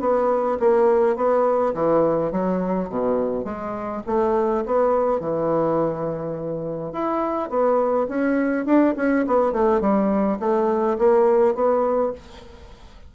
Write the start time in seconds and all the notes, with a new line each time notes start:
0.00 B3
0.59 A#3
1.16 B3
1.74 E3
2.32 F#3
2.89 B2
3.44 G#3
4.06 A3
4.65 B3
5.20 E3
6.92 E4
7.49 B3
8.08 C#4
8.65 D4
8.96 C#4
9.26 B3
9.52 A3
9.81 G3
10.39 A3
10.98 A#3
11.54 B3